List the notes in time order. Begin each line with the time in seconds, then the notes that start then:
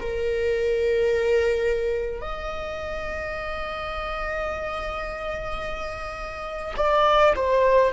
0.00 A#4
2.22 D#5
6.77 D5
7.36 C5